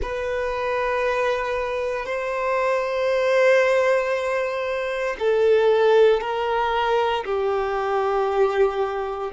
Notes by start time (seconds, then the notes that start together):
0.01 B4
2.05 C5
5.19 A4
6.21 A#4
7.24 G4